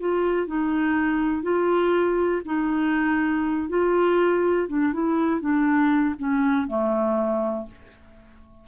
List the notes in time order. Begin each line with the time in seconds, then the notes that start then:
0.00 F4
0.47 D#4
1.43 F4
2.45 D#4
3.69 F4
4.68 D4
4.93 E4
5.41 D4
6.19 C#4
6.67 A3